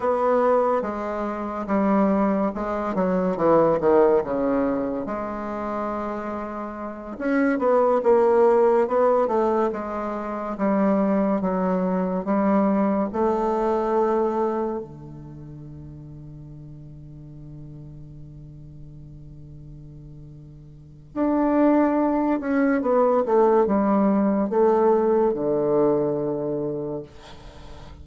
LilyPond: \new Staff \with { instrumentName = "bassoon" } { \time 4/4 \tempo 4 = 71 b4 gis4 g4 gis8 fis8 | e8 dis8 cis4 gis2~ | gis8 cis'8 b8 ais4 b8 a8 gis8~ | gis8 g4 fis4 g4 a8~ |
a4. d2~ d8~ | d1~ | d4 d'4. cis'8 b8 a8 | g4 a4 d2 | }